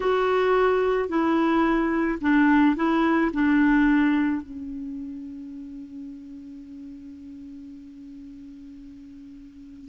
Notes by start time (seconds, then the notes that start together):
0.00 F#4
1.09 E4
2.21 D4
2.76 E4
3.33 D4
4.42 C#4